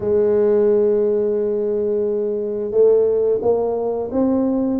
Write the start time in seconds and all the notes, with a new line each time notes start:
0.00 G#3
2.71 A3
3.41 A#3
4.11 C4